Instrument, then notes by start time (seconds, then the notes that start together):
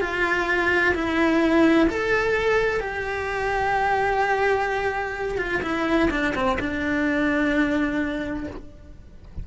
cello
0.00 F4
0.94 E4
1.89 A4
2.80 G4
5.38 F4
5.62 E4
6.10 D4
6.35 C4
6.59 D4